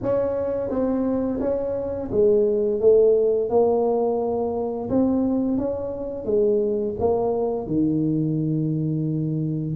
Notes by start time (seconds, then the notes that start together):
0.02 C#4
0.70 C4
1.40 C#4
2.11 G#3
2.80 A3
3.49 A#3
4.89 C4
5.57 C#4
6.25 G#3
6.99 A#3
7.66 D#3